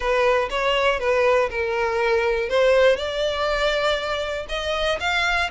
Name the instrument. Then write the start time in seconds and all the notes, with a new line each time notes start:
violin
0.00 B4
0.50 C#5
0.99 B4
1.50 A#4
2.49 C5
2.96 D5
4.49 D#5
5.00 F5